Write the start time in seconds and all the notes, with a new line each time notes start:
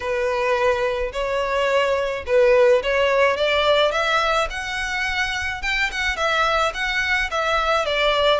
0.00 B4
1.12 C#5
2.26 B4
2.83 C#5
3.36 D5
3.91 E5
4.50 F#5
5.62 G5
5.91 F#5
6.16 E5
6.73 F#5
7.30 E5
7.85 D5